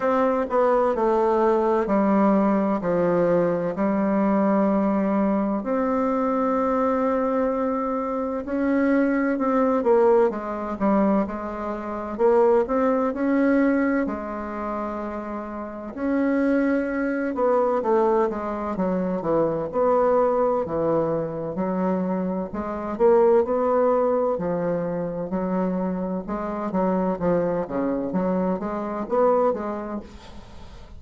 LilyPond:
\new Staff \with { instrumentName = "bassoon" } { \time 4/4 \tempo 4 = 64 c'8 b8 a4 g4 f4 | g2 c'2~ | c'4 cis'4 c'8 ais8 gis8 g8 | gis4 ais8 c'8 cis'4 gis4~ |
gis4 cis'4. b8 a8 gis8 | fis8 e8 b4 e4 fis4 | gis8 ais8 b4 f4 fis4 | gis8 fis8 f8 cis8 fis8 gis8 b8 gis8 | }